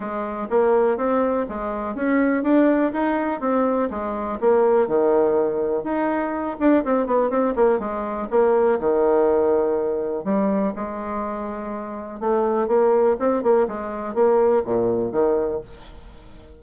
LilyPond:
\new Staff \with { instrumentName = "bassoon" } { \time 4/4 \tempo 4 = 123 gis4 ais4 c'4 gis4 | cis'4 d'4 dis'4 c'4 | gis4 ais4 dis2 | dis'4. d'8 c'8 b8 c'8 ais8 |
gis4 ais4 dis2~ | dis4 g4 gis2~ | gis4 a4 ais4 c'8 ais8 | gis4 ais4 ais,4 dis4 | }